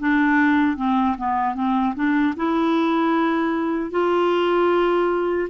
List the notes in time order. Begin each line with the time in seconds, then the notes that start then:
0.00 D4
0.77 C4
1.17 B3
1.55 C4
1.95 D4
2.36 E4
3.91 F4